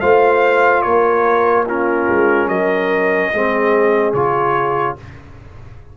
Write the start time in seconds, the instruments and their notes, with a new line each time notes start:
0.00 tuba A3, trombone F4, horn C5, trumpet F5
0.82 tuba A#3, horn A#4, trumpet C#5
1.66 trombone C#4, horn F4, trumpet A#4
2.08 tuba G#3
2.47 tuba F#3, horn A#4, trumpet D#5
3.32 tuba G#3, trombone C4, horn G#4
4.13 tuba C#3, trombone F4, trumpet C#5